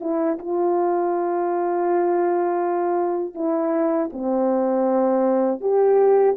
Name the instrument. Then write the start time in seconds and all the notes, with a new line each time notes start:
horn
0.00 E4
0.38 F4
3.34 E4
4.12 C4
5.60 G4